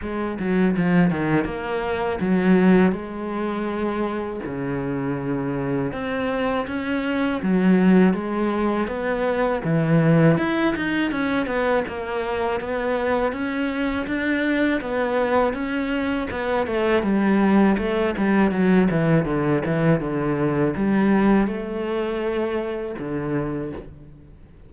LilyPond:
\new Staff \with { instrumentName = "cello" } { \time 4/4 \tempo 4 = 81 gis8 fis8 f8 dis8 ais4 fis4 | gis2 cis2 | c'4 cis'4 fis4 gis4 | b4 e4 e'8 dis'8 cis'8 b8 |
ais4 b4 cis'4 d'4 | b4 cis'4 b8 a8 g4 | a8 g8 fis8 e8 d8 e8 d4 | g4 a2 d4 | }